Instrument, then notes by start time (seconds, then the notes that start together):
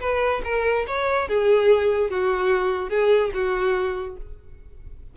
violin
0.00 B4
0.44 A#4
0.87 C#5
1.28 G#4
2.10 F#4
2.89 G#4
3.34 F#4